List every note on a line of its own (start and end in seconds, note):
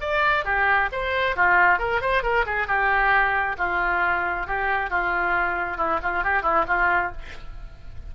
0.00 0.44 D5
0.44 0.89 G4
0.92 1.36 C5
1.36 1.79 F4
1.79 2.01 A#4
2.01 2.22 C5
2.22 2.45 A#4
2.46 2.67 G#4
2.67 3.56 G4
3.58 4.47 F4
4.47 4.90 G4
4.90 5.77 F4
5.77 5.99 E4
6.03 6.23 F4
6.23 6.42 G4
6.42 6.64 E4
6.67 7.12 F4